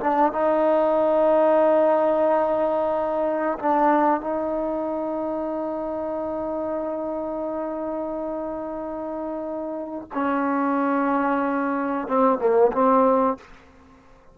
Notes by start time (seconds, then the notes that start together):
0.00 D4
0.32 D#4
3.59 D4
4.20 D#4
10.14 C#4
12.07 C4
12.39 A#3
12.72 C4